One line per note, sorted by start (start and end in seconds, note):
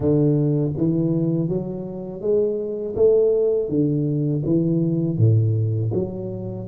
0.00 0.71 D3
0.77 1.48 E3
1.48 2.21 F#3
2.21 2.95 G#3
2.95 3.68 A3
3.68 4.42 D3
4.45 5.17 E3
5.17 5.91 A2
5.93 6.67 F#3